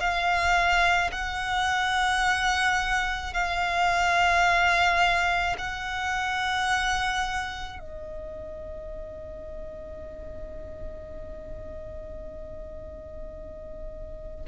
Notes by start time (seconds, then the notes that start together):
0.00 F5
1.12 F#5
3.34 F5
5.59 F#5
7.80 D#5